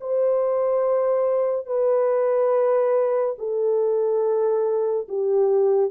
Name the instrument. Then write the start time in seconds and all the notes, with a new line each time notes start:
horn
0.00 C5
1.66 B4
3.38 A4
5.08 G4